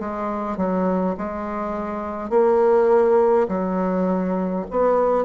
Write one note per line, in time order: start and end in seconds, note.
0.00 0.57 G#3
0.57 1.16 F#3
1.18 2.30 G#3
2.30 3.48 A#3
3.48 4.66 F#3
4.71 5.25 B3